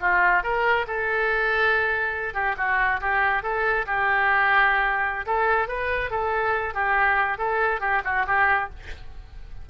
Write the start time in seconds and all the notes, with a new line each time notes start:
0.00 F4
0.43 A#4
0.87 A4
2.34 G4
2.57 F#4
3.00 G4
3.42 A4
3.86 G4
5.26 A4
5.68 B4
6.10 A4
6.73 G4
7.38 A4
7.80 G4
8.04 F#4
8.27 G4